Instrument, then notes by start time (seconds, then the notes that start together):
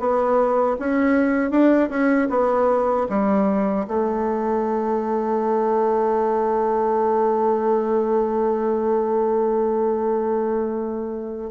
bassoon
0.00 B3
0.79 C#4
1.51 D4
1.90 C#4
2.30 B3
3.10 G3
3.88 A3